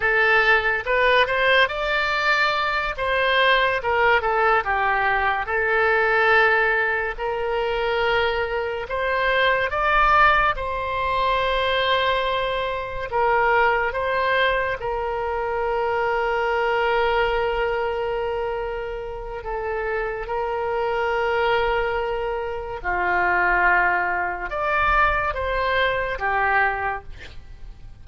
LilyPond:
\new Staff \with { instrumentName = "oboe" } { \time 4/4 \tempo 4 = 71 a'4 b'8 c''8 d''4. c''8~ | c''8 ais'8 a'8 g'4 a'4.~ | a'8 ais'2 c''4 d''8~ | d''8 c''2. ais'8~ |
ais'8 c''4 ais'2~ ais'8~ | ais'2. a'4 | ais'2. f'4~ | f'4 d''4 c''4 g'4 | }